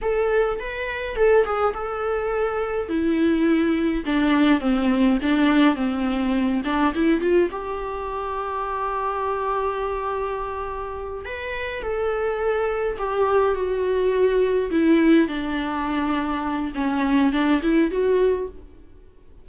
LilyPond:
\new Staff \with { instrumentName = "viola" } { \time 4/4 \tempo 4 = 104 a'4 b'4 a'8 gis'8 a'4~ | a'4 e'2 d'4 | c'4 d'4 c'4. d'8 | e'8 f'8 g'2.~ |
g'2.~ g'8 b'8~ | b'8 a'2 g'4 fis'8~ | fis'4. e'4 d'4.~ | d'4 cis'4 d'8 e'8 fis'4 | }